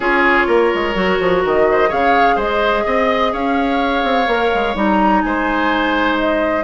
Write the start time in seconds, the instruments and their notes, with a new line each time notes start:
0.00 bassoon C#4, clarinet F4, oboe G#4, flute C#5
0.46 bassoon A#3, oboe A#4
0.74 bassoon G#3
0.94 bassoon F#3, clarinet F#4
1.19 bassoon F3
1.44 bassoon D#3, flute D#5
1.71 oboe C5
1.87 bassoon C#3, clarinet G#4, oboe C#5, flute F5
2.35 bassoon G#3, oboe C5, flute D#5
2.85 bassoon C4, oboe D#5
3.32 bassoon C#4, oboe C#5, flute F5
4.03 bassoon C4
4.26 bassoon A#3, clarinet A#4
4.54 bassoon G#3
4.75 bassoon G3, clarinet D#4, flute A#5
5.21 bassoon G#3, oboe C5, flute G#5
6.19 flute D#5